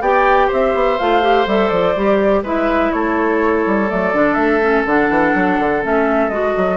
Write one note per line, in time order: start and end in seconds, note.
0.00 0.48 B3
0.00 0.99 G4
0.00 0.47 D5
0.00 0.50 G5
0.47 0.74 C4
0.47 2.40 C5
0.47 0.98 E5
0.74 0.98 B3
0.98 1.46 A3
0.98 1.22 F4
0.98 1.46 F5
1.22 1.46 G4
1.46 1.70 G3
1.46 1.96 A4
1.46 1.68 E5
1.68 1.95 F3
1.68 2.41 D5
1.96 2.43 G3
1.96 2.45 G4
2.43 2.91 G#3
2.43 3.87 E4
2.43 2.91 B4
2.43 2.92 E5
2.92 3.66 A3
2.92 6.76 A4
2.92 3.89 C#5
3.66 3.91 G3
3.87 4.14 F#3
3.87 4.12 A3
3.87 4.34 D5
4.13 4.36 D3
4.13 4.61 D4
4.34 4.85 A3
4.34 4.82 E5
4.61 4.86 C#4
4.85 5.09 D3
4.85 5.82 D4
4.85 5.84 F#5
5.09 5.33 E3
5.34 5.59 F#3
5.59 5.83 D3
5.82 6.29 A3
5.82 6.30 C#4
5.82 6.29 E5
6.29 6.53 G#3
6.29 6.76 F#4
6.29 6.76 D#5
6.57 6.76 F#3